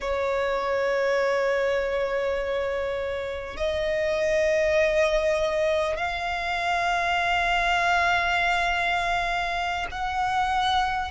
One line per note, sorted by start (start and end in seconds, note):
0.00 3.56 C#5
3.56 5.96 D#5
5.97 9.87 F5
9.91 11.11 F#5